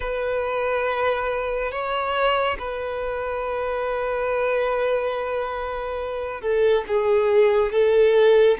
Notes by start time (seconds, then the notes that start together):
0.00 B4
1.71 C#5
2.58 B4
6.41 A4
6.87 G#4
7.71 A4